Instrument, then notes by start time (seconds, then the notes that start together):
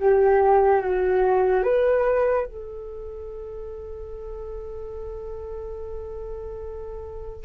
flute
0.00 G4
0.81 F#4
1.64 B4
2.46 A4